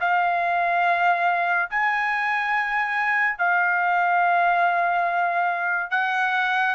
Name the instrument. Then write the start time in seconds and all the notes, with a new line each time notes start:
trumpet
0.00 F5
1.70 G#5
3.38 F5
5.90 F#5